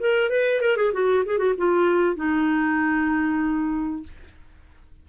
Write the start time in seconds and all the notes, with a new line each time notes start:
0.00 A#4
0.30 B4
0.61 A#4
0.76 G#4
0.93 F#4
1.26 G#4
1.38 F#4
1.57 F4
2.16 D#4